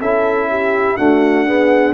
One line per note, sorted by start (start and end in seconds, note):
0.00 0.97 C#4
0.00 0.97 E4
0.00 0.49 A4
0.00 0.97 E5
0.49 0.98 G4
0.97 1.45 A3
0.97 1.93 D4
0.97 1.46 F#4
0.97 1.93 F#5
1.45 1.93 B3
1.45 1.93 G#4